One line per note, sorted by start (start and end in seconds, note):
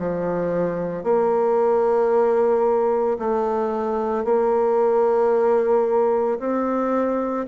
0.00 1.04 F3
1.04 3.19 A#3
3.19 4.25 A3
4.25 6.39 A#3
6.40 7.47 C4